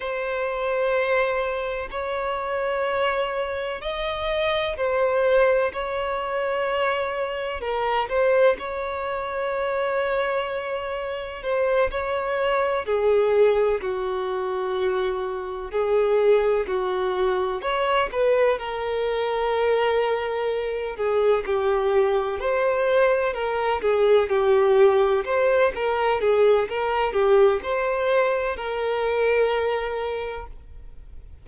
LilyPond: \new Staff \with { instrumentName = "violin" } { \time 4/4 \tempo 4 = 63 c''2 cis''2 | dis''4 c''4 cis''2 | ais'8 c''8 cis''2. | c''8 cis''4 gis'4 fis'4.~ |
fis'8 gis'4 fis'4 cis''8 b'8 ais'8~ | ais'2 gis'8 g'4 c''8~ | c''8 ais'8 gis'8 g'4 c''8 ais'8 gis'8 | ais'8 g'8 c''4 ais'2 | }